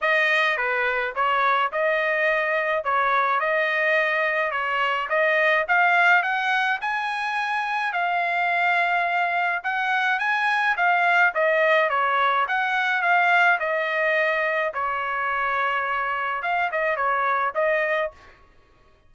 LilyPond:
\new Staff \with { instrumentName = "trumpet" } { \time 4/4 \tempo 4 = 106 dis''4 b'4 cis''4 dis''4~ | dis''4 cis''4 dis''2 | cis''4 dis''4 f''4 fis''4 | gis''2 f''2~ |
f''4 fis''4 gis''4 f''4 | dis''4 cis''4 fis''4 f''4 | dis''2 cis''2~ | cis''4 f''8 dis''8 cis''4 dis''4 | }